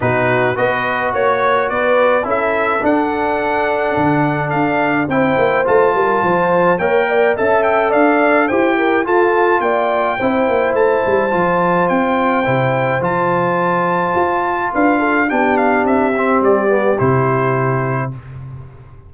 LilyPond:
<<
  \new Staff \with { instrumentName = "trumpet" } { \time 4/4 \tempo 4 = 106 b'4 dis''4 cis''4 d''4 | e''4 fis''2. | f''4 g''4 a''2 | g''4 a''8 g''8 f''4 g''4 |
a''4 g''2 a''4~ | a''4 g''2 a''4~ | a''2 f''4 g''8 f''8 | e''4 d''4 c''2 | }
  \new Staff \with { instrumentName = "horn" } { \time 4/4 fis'4 b'4 cis''4 b'4 | a'1~ | a'4 c''4. ais'8 c''4 | cis''8 d''8 e''4 d''4 c''8 ais'8 |
a'4 d''4 c''2~ | c''1~ | c''2 b'8 a'8 g'4~ | g'1 | }
  \new Staff \with { instrumentName = "trombone" } { \time 4/4 dis'4 fis'2. | e'4 d'2.~ | d'4 e'4 f'2 | ais'4 a'2 g'4 |
f'2 e'2 | f'2 e'4 f'4~ | f'2. d'4~ | d'8 c'4 b8 e'2 | }
  \new Staff \with { instrumentName = "tuba" } { \time 4/4 b,4 b4 ais4 b4 | cis'4 d'2 d4 | d'4 c'8 ais8 a8 g8 f4 | ais4 cis'4 d'4 e'4 |
f'4 ais4 c'8 ais8 a8 g8 | f4 c'4 c4 f4~ | f4 f'4 d'4 b4 | c'4 g4 c2 | }
>>